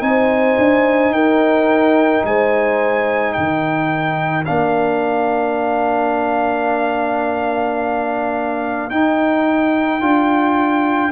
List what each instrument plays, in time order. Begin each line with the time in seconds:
0.00 tuba C4, trombone D#4, horn C5, trumpet G#5
0.58 tuba D4
1.11 tuba D#4, horn A#4, trumpet G5
2.24 tuba G#3, horn C5, trumpet G#5
3.33 tuba D#3, horn A#4, trumpet G5
4.45 tuba A#3, trombone D4, trumpet F5
8.90 tuba D#4, trombone D#4, trumpet G5
10.01 tuba D4, trombone F4